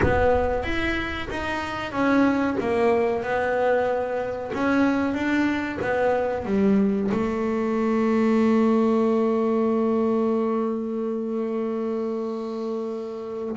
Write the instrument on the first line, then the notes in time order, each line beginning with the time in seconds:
double bass
0.02 B3
0.63 E4
1.29 D#4
1.92 C#4
2.60 A#3
3.22 B3
4.53 C#4
5.13 D4
5.81 B3
6.45 G3
7.11 A3